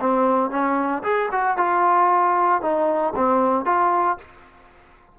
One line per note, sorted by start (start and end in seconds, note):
0.00 0.50 C4
0.50 1.02 C#4
1.03 1.29 G#4
1.32 1.57 F#4
1.57 2.61 F4
2.61 3.14 D#4
3.15 3.65 C4
3.65 4.17 F4